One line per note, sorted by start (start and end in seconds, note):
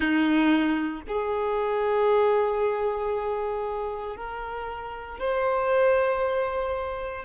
0.00 1.01 D#4
1.07 4.16 G#4
4.16 5.19 A#4
5.19 7.25 C5